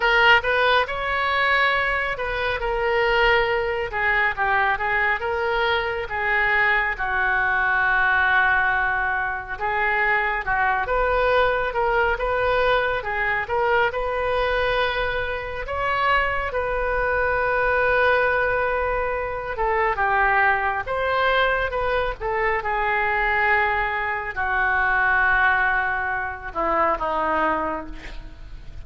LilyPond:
\new Staff \with { instrumentName = "oboe" } { \time 4/4 \tempo 4 = 69 ais'8 b'8 cis''4. b'8 ais'4~ | ais'8 gis'8 g'8 gis'8 ais'4 gis'4 | fis'2. gis'4 | fis'8 b'4 ais'8 b'4 gis'8 ais'8 |
b'2 cis''4 b'4~ | b'2~ b'8 a'8 g'4 | c''4 b'8 a'8 gis'2 | fis'2~ fis'8 e'8 dis'4 | }